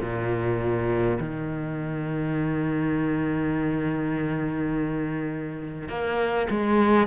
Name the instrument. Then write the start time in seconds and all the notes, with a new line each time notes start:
cello
0.00 A#2
1.20 D#3
5.89 A#3
6.50 G#3